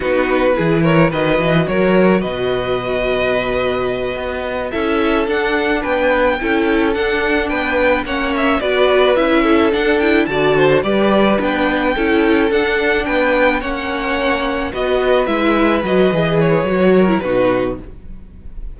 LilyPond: <<
  \new Staff \with { instrumentName = "violin" } { \time 4/4 \tempo 4 = 108 b'4. cis''8 dis''4 cis''4 | dis''1~ | dis''8 e''4 fis''4 g''4.~ | g''8 fis''4 g''4 fis''8 e''8 d''8~ |
d''8 e''4 fis''8 g''8 a''4 d''8~ | d''8 g''2 fis''4 g''8~ | g''8 fis''2 dis''4 e''8~ | e''8 dis''4 cis''4. b'4 | }
  \new Staff \with { instrumentName = "violin" } { \time 4/4 fis'4 gis'8 ais'8 b'4 ais'4 | b'1~ | b'8 a'2 b'4 a'8~ | a'4. b'4 cis''4 b'8~ |
b'4 a'4. d''8 c''8 b'8~ | b'4. a'2 b'8~ | b'8 cis''2 b'4.~ | b'2~ b'8 ais'8 fis'4 | }
  \new Staff \with { instrumentName = "viola" } { \time 4/4 dis'4 e'4 fis'2~ | fis'1~ | fis'8 e'4 d'2 e'8~ | e'8 d'2 cis'4 fis'8~ |
fis'8 e'4 d'8 e'8 fis'4 g'8~ | g'8 d'4 e'4 d'4.~ | d'8 cis'2 fis'4 e'8~ | e'8 fis'8 gis'4 fis'8. e'16 dis'4 | }
  \new Staff \with { instrumentName = "cello" } { \time 4/4 b4 e4 dis8 e8 fis4 | b,2.~ b,8 b8~ | b8 cis'4 d'4 b4 cis'8~ | cis'8 d'4 b4 ais4 b8~ |
b8 cis'4 d'4 d4 g8~ | g8 b4 cis'4 d'4 b8~ | b8 ais2 b4 gis8~ | gis8 fis8 e4 fis4 b,4 | }
>>